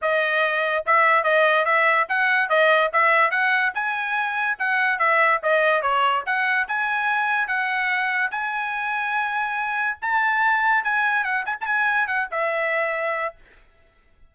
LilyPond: \new Staff \with { instrumentName = "trumpet" } { \time 4/4 \tempo 4 = 144 dis''2 e''4 dis''4 | e''4 fis''4 dis''4 e''4 | fis''4 gis''2 fis''4 | e''4 dis''4 cis''4 fis''4 |
gis''2 fis''2 | gis''1 | a''2 gis''4 fis''8 gis''16 a''16 | gis''4 fis''8 e''2~ e''8 | }